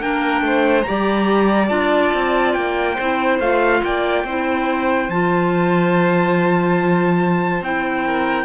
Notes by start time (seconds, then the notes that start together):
0.00 A#3 D4 A#4 G5
0.41 A3 C5
0.82 G4 D5 A#5
0.89 G3
1.69 D4 F4 A5
2.14 C4
2.54 A#3 G5
2.94 C4 E4 C5
3.40 A3 F4 F5
3.83 A#3 D5 G5
4.24 C4 E4 C5
5.09 F3 F4 A5
7.62 C4 E4 G5
8.06 A#4